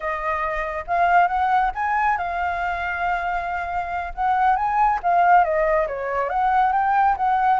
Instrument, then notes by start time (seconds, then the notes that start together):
flute
0.00 D#5
0.87 F5
1.27 F#5
1.75 G#5
2.17 F5
4.14 F#5
4.56 G#5
5.02 F5
5.43 D#5
5.87 C#5
6.29 F#5
6.72 G5
7.16 F#5